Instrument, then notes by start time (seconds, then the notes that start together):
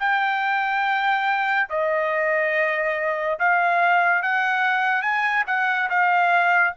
trumpet
0.00 G5
1.70 D#5
3.40 F5
4.23 F#5
5.02 G#5
5.47 F#5
5.90 F5